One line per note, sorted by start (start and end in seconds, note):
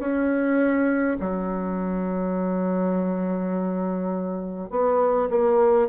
0.00 1.18 C#4
1.20 4.71 F#3
4.71 5.29 B3
5.30 5.89 A#3